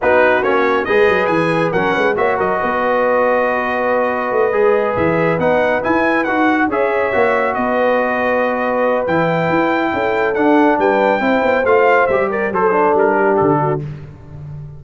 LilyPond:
<<
  \new Staff \with { instrumentName = "trumpet" } { \time 4/4 \tempo 4 = 139 b'4 cis''4 dis''4 gis''4 | fis''4 e''8 dis''2~ dis''8~ | dis''2.~ dis''8 e''8~ | e''8 fis''4 gis''4 fis''4 e''8~ |
e''4. dis''2~ dis''8~ | dis''4 g''2. | fis''4 g''2 f''4 | e''8 d''8 c''4 ais'4 a'4 | }
  \new Staff \with { instrumentName = "horn" } { \time 4/4 fis'2 b'2 | ais'8 b'8 cis''8 ais'8 b'2~ | b'1~ | b'2.~ b'8 cis''8~ |
cis''4. b'2~ b'8~ | b'2. a'4~ | a'4 b'4 c''2~ | c''8 ais'8 a'4. g'4 fis'8 | }
  \new Staff \with { instrumentName = "trombone" } { \time 4/4 dis'4 cis'4 gis'2 | cis'4 fis'2.~ | fis'2~ fis'8 gis'4.~ | gis'8 dis'4 e'4 fis'4 gis'8~ |
gis'8 fis'2.~ fis'8~ | fis'4 e'2. | d'2 e'4 f'4 | g'4 a'8 d'2~ d'8 | }
  \new Staff \with { instrumentName = "tuba" } { \time 4/4 b4 ais4 gis8 fis8 e4 | fis8 gis8 ais8 fis8 b2~ | b2 a8 gis4 e8~ | e8 b4 e'4 dis'4 cis'8~ |
cis'8 ais4 b2~ b8~ | b4 e4 e'4 cis'4 | d'4 g4 c'8 b8 a4 | g4 fis4 g4 d4 | }
>>